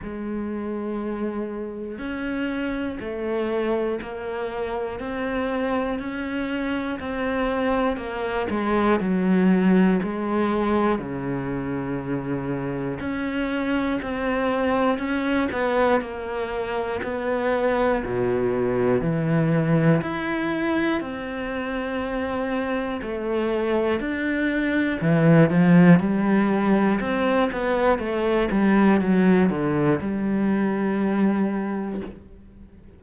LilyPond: \new Staff \with { instrumentName = "cello" } { \time 4/4 \tempo 4 = 60 gis2 cis'4 a4 | ais4 c'4 cis'4 c'4 | ais8 gis8 fis4 gis4 cis4~ | cis4 cis'4 c'4 cis'8 b8 |
ais4 b4 b,4 e4 | e'4 c'2 a4 | d'4 e8 f8 g4 c'8 b8 | a8 g8 fis8 d8 g2 | }